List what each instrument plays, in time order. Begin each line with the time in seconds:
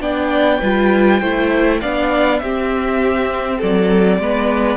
0.00 cello B3, viola D4, violin D5 G5
0.59 cello G3, viola F4, violin B4
1.19 cello A3, viola E4, violin C5
1.80 cello B3, viola D4, violin D5 F5
2.39 cello C4, viola C4, violin G4 E5
3.58 cello F#3, violin A4 D5
4.19 cello G#3, viola B3, violin B4